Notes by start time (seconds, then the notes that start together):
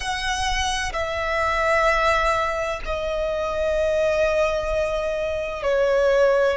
0.00 F#5
0.92 E5
2.85 D#5
5.62 C#5